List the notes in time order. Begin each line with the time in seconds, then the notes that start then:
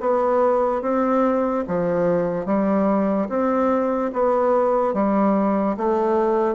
0.00 B3
0.82 C4
1.67 F3
2.46 G3
3.29 C4
4.13 B3
4.94 G3
5.77 A3